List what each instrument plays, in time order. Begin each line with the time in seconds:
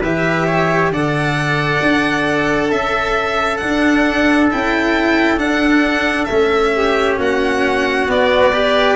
0.00 tuba E3, cello G4, trumpet B4, violin E5
0.46 trumpet C#5
0.89 tuba D3, cello A4, trumpet D5, violin F#5
1.82 tuba D4
2.69 tuba C#4, trumpet A4, violin E5
3.57 cello D4, tuba D4, violin F#5
4.50 tuba C#4, cello E4, violin G5
5.37 cello D4, tuba D4, violin F#5
6.24 tuba A3, cello C#4, violin E5
6.76 trumpet G4
7.17 tuba A#3, trumpet F#4, violin F#5
8.07 cello B3, tuba B3, violin D5
8.53 cello G4, trumpet B4